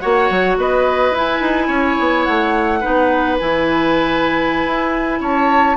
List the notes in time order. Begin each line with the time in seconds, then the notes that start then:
0.00 A#3 F#4 C#5 F#5
0.30 F#3
0.57 B3 B4 D#5
1.11 E4
1.18 G#5
1.41 D#4
1.68 C#4 C#5
1.99 B3
2.24 A3 F#5
2.81 B3 D#4 B4
3.39 E3 E4 G#5
4.66 E4
5.21 C#4 C#5 A5